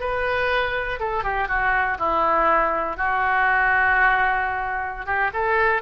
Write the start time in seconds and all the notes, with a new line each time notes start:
0.00 B4
1.00 A4
1.24 G4
1.48 F#4
1.99 E4
2.97 F#4
5.06 G4
5.33 A4